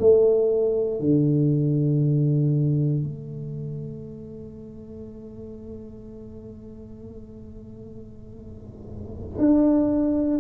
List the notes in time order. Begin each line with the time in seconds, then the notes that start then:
0.00 A3
1.00 D3
3.04 A3
9.39 D4